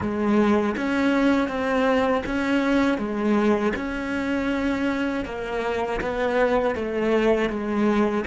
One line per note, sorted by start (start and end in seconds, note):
0.00 0.75 G#3
0.76 1.48 C#4
1.48 2.23 C4
2.26 2.98 C#4
2.98 3.73 G#3
3.76 5.25 C#4
5.25 6.00 A#3
6.01 6.75 B3
6.75 7.49 A3
7.49 8.24 G#3